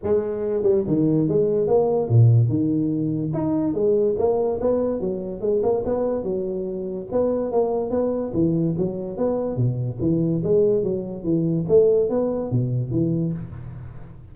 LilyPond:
\new Staff \with { instrumentName = "tuba" } { \time 4/4 \tempo 4 = 144 gis4. g8 dis4 gis4 | ais4 ais,4 dis2 | dis'4 gis4 ais4 b4 | fis4 gis8 ais8 b4 fis4~ |
fis4 b4 ais4 b4 | e4 fis4 b4 b,4 | e4 gis4 fis4 e4 | a4 b4 b,4 e4 | }